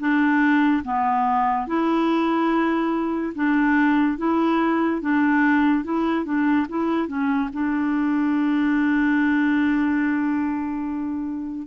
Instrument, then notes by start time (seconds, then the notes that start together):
clarinet
0.00 D4
0.84 B3
1.67 E4
3.35 D4
4.18 E4
5.02 D4
5.84 E4
6.25 D4
6.69 E4
7.08 C#4
7.53 D4